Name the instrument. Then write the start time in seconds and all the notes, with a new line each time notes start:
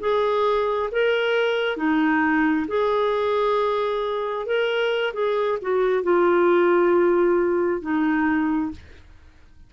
clarinet
0.00 G#4
0.92 A#4
1.77 D#4
2.68 G#4
4.47 A#4
5.14 G#4
5.62 F#4
6.03 F4
7.82 D#4